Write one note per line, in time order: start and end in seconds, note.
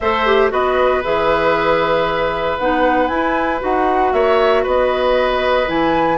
0.00 0.52 A3
0.00 0.26 A4
0.00 0.52 C5
0.00 0.49 E5
0.26 0.50 G4
0.50 1.03 B3
0.50 1.02 F#4
0.50 4.14 B4
0.50 1.03 D#5
1.03 2.59 E3
1.03 2.58 G#4
1.03 2.58 E5
2.58 3.09 B3
2.58 3.09 D#4
2.58 3.07 F#5
3.07 3.59 E4
3.07 3.60 E4
3.07 3.59 G#5
3.59 4.13 D#4
3.59 5.66 F#4
3.59 4.12 F#5
4.12 4.65 A#3
4.12 4.63 C#5
4.12 4.64 E5
4.63 5.68 B3
4.63 6.18 B4
4.63 5.69 D#5
5.66 6.18 E3
5.66 6.18 E4
5.66 6.18 G#5